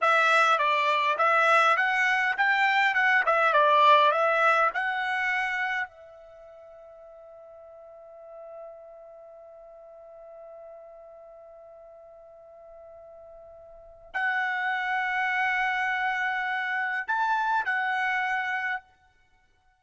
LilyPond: \new Staff \with { instrumentName = "trumpet" } { \time 4/4 \tempo 4 = 102 e''4 d''4 e''4 fis''4 | g''4 fis''8 e''8 d''4 e''4 | fis''2 e''2~ | e''1~ |
e''1~ | e''1 | fis''1~ | fis''4 a''4 fis''2 | }